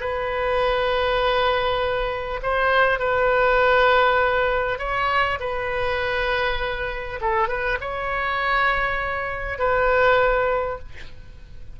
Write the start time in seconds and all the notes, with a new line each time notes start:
0.00 B4
2.42 C5
2.99 B4
4.79 C#5
5.39 B4
7.21 A4
7.48 B4
7.81 C#5
9.58 B4